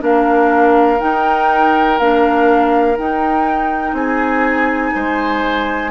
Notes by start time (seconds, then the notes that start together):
0.00 A#3 D4 A#4 F5
1.00 D#4 G5
1.99 A#3 D4 F5
2.97 D#4 G5
3.93 C4 G#4 G#5
4.95 G#3 C5